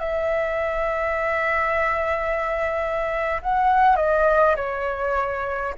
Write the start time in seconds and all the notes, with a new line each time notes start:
0.00 E5
3.42 F#5
3.97 D#5
4.57 C#5